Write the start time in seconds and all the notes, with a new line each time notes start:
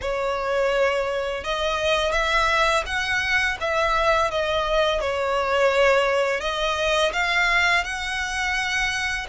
0.01 C#5
1.44 D#5
2.12 E5
2.86 F#5
3.60 E5
4.31 D#5
5.01 C#5
6.40 D#5
7.12 F5
7.83 F#5